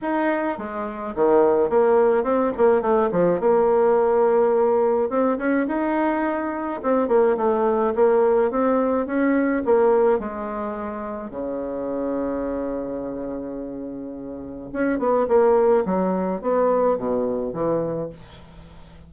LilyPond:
\new Staff \with { instrumentName = "bassoon" } { \time 4/4 \tempo 4 = 106 dis'4 gis4 dis4 ais4 | c'8 ais8 a8 f8 ais2~ | ais4 c'8 cis'8 dis'2 | c'8 ais8 a4 ais4 c'4 |
cis'4 ais4 gis2 | cis1~ | cis2 cis'8 b8 ais4 | fis4 b4 b,4 e4 | }